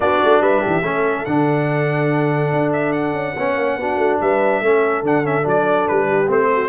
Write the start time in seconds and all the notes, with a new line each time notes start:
0.00 B3 D4 F#4 D5
0.23 A3
0.40 G3 B4 E5
0.61 E3 G4
0.82 A3 C#4 A4
1.25 D3 D4 F#5
2.52 D4
2.72 E5
2.92 F#5
3.13 C#4
3.36 B3 C#4 C#5
3.55 A#3
3.76 B3 D4 F#4
3.96 A3
4.20 G3 B4 E5
4.61 A3 C#4 A4
5.02 D3 D4 F#5
5.24 C#4 E5
5.42 F#3 D4
5.48 D5
5.87 G3 B4
6.07 G4
6.27 A3 C4 C5
6.53 F#4